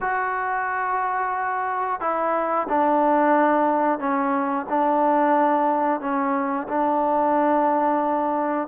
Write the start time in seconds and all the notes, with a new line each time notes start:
0.01 F#4
2.00 E4
2.68 D4
3.99 C#4
4.69 D4
6.00 C#4
6.68 D4